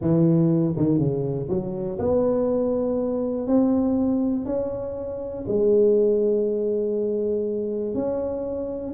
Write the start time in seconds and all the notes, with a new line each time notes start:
0.01 E3
0.76 D#3
0.98 C#3
1.49 F#3
1.98 B3
3.47 C4
4.45 C#4
5.47 G#3
7.94 C#4